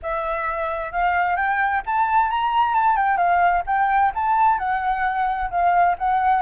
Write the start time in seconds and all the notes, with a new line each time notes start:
0.02 E5
0.91 F5
1.36 G5
1.85 A5
2.30 A#5
2.74 A5
2.96 G5
3.17 F5
3.66 G5
4.15 A5
4.58 F#5
5.50 F5
5.98 F#5